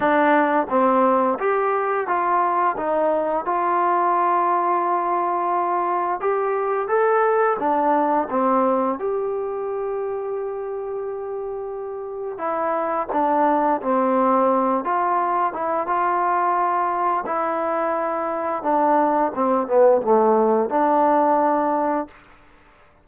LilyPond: \new Staff \with { instrumentName = "trombone" } { \time 4/4 \tempo 4 = 87 d'4 c'4 g'4 f'4 | dis'4 f'2.~ | f'4 g'4 a'4 d'4 | c'4 g'2.~ |
g'2 e'4 d'4 | c'4. f'4 e'8 f'4~ | f'4 e'2 d'4 | c'8 b8 a4 d'2 | }